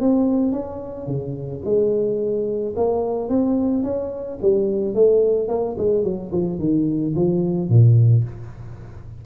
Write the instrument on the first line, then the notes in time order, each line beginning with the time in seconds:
tuba
0.00 C4
0.52 C#4
1.06 C#3
1.64 G#3
2.76 A#3
3.29 C4
3.83 C#4
4.41 G3
4.94 A3
5.48 A#3
5.78 G#3
6.04 F#3
6.32 F3
6.59 D#3
7.15 F3
7.69 A#2